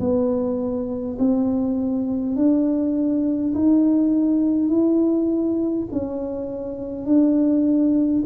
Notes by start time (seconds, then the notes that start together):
0.00 B3
1.19 C4
2.36 D4
3.55 D#4
4.69 E4
5.92 C#4
7.06 D4